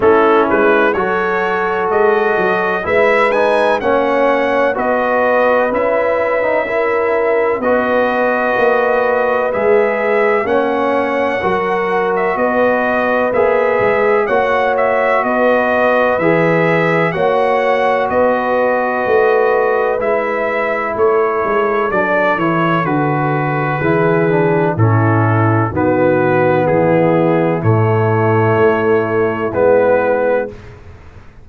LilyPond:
<<
  \new Staff \with { instrumentName = "trumpet" } { \time 4/4 \tempo 4 = 63 a'8 b'8 cis''4 dis''4 e''8 gis''8 | fis''4 dis''4 e''2 | dis''2 e''4 fis''4~ | fis''8. e''16 dis''4 e''4 fis''8 e''8 |
dis''4 e''4 fis''4 dis''4~ | dis''4 e''4 cis''4 d''8 cis''8 | b'2 a'4 b'4 | gis'4 cis''2 b'4 | }
  \new Staff \with { instrumentName = "horn" } { \time 4/4 e'4 a'2 b'4 | cis''4 b'2 ais'4 | b'2. cis''4 | ais'4 b'2 cis''4 |
b'2 cis''4 b'4~ | b'2 a'2~ | a'4 gis'4 e'4 fis'4 | e'1 | }
  \new Staff \with { instrumentName = "trombone" } { \time 4/4 cis'4 fis'2 e'8 dis'8 | cis'4 fis'4 e'8. dis'16 e'4 | fis'2 gis'4 cis'4 | fis'2 gis'4 fis'4~ |
fis'4 gis'4 fis'2~ | fis'4 e'2 d'8 e'8 | fis'4 e'8 d'8 cis'4 b4~ | b4 a2 b4 | }
  \new Staff \with { instrumentName = "tuba" } { \time 4/4 a8 gis8 fis4 gis8 fis8 gis4 | ais4 b4 cis'2 | b4 ais4 gis4 ais4 | fis4 b4 ais8 gis8 ais4 |
b4 e4 ais4 b4 | a4 gis4 a8 gis8 fis8 e8 | d4 e4 a,4 dis4 | e4 a,4 a4 gis4 | }
>>